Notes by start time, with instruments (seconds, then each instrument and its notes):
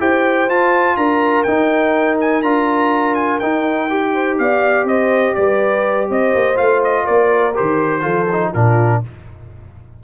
0.00 tuba E4, trombone G4, horn C5, trumpet G5
0.49 tuba F4, trombone F4, trumpet A5
0.97 tuba D4, horn A#4, trumpet A#5
1.44 trombone D#4, tuba D#4, trumpet G5
2.21 trumpet G#5
2.43 tuba D4, trombone F4, trumpet A#5
3.15 trumpet G#5
3.40 trombone D#4, tuba D#4, trumpet G5
3.90 trombone G4
4.14 horn C5
4.39 tuba B3, horn D5, trumpet F5
4.85 tuba C4, horn C5, trumpet D#5
5.35 tuba G3, horn B4, trumpet D5
6.10 tuba C4, horn C5, trumpet D#5
6.35 tuba A#3
6.55 tuba A3, trombone F4, trumpet F5
6.84 trumpet D#5
7.05 tuba A#3, horn A#4, trumpet D5
7.55 tuba D#3, trombone G4, trumpet C5
8.02 tuba F3, trombone F4, horn A4
8.33 trombone D#4
8.53 tuba A#2, trombone D4, horn F4, trumpet A#4